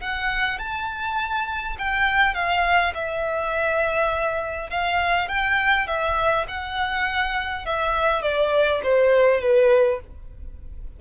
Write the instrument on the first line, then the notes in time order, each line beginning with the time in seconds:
violin
0.00 F#5
0.59 A5
1.78 G5
2.34 F5
2.94 E5
4.70 F5
5.28 G5
5.87 E5
6.48 F#5
7.65 E5
8.22 D5
8.83 C5
9.41 B4